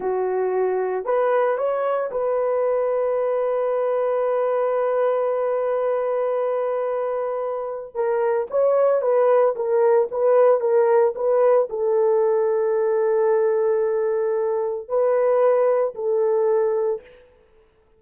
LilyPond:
\new Staff \with { instrumentName = "horn" } { \time 4/4 \tempo 4 = 113 fis'2 b'4 cis''4 | b'1~ | b'1~ | b'2. ais'4 |
cis''4 b'4 ais'4 b'4 | ais'4 b'4 a'2~ | a'1 | b'2 a'2 | }